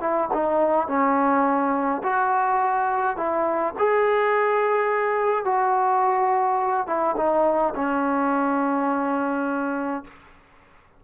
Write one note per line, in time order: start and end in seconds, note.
0.00 0.29 E4
0.34 0.88 D#4
0.88 2.02 C#4
2.03 3.17 F#4
3.17 3.74 E4
3.78 5.45 G#4
5.45 6.87 F#4
6.87 7.15 E4
7.17 7.74 D#4
7.75 10.04 C#4